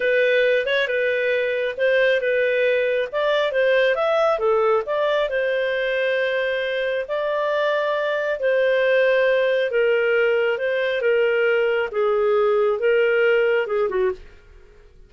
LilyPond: \new Staff \with { instrumentName = "clarinet" } { \time 4/4 \tempo 4 = 136 b'4. cis''8 b'2 | c''4 b'2 d''4 | c''4 e''4 a'4 d''4 | c''1 |
d''2. c''4~ | c''2 ais'2 | c''4 ais'2 gis'4~ | gis'4 ais'2 gis'8 fis'8 | }